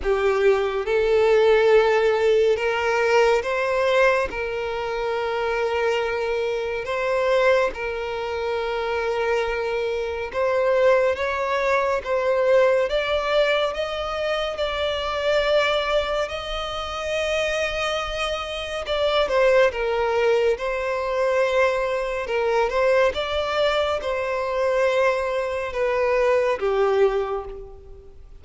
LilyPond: \new Staff \with { instrumentName = "violin" } { \time 4/4 \tempo 4 = 70 g'4 a'2 ais'4 | c''4 ais'2. | c''4 ais'2. | c''4 cis''4 c''4 d''4 |
dis''4 d''2 dis''4~ | dis''2 d''8 c''8 ais'4 | c''2 ais'8 c''8 d''4 | c''2 b'4 g'4 | }